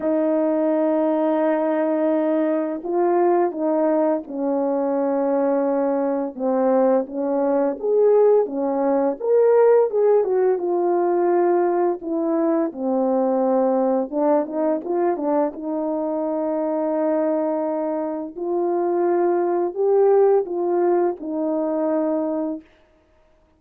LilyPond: \new Staff \with { instrumentName = "horn" } { \time 4/4 \tempo 4 = 85 dis'1 | f'4 dis'4 cis'2~ | cis'4 c'4 cis'4 gis'4 | cis'4 ais'4 gis'8 fis'8 f'4~ |
f'4 e'4 c'2 | d'8 dis'8 f'8 d'8 dis'2~ | dis'2 f'2 | g'4 f'4 dis'2 | }